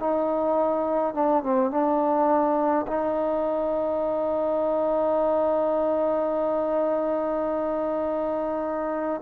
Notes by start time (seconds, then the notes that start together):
0.00 D#4
1.15 D4
1.43 C4
1.71 D4
2.87 D#4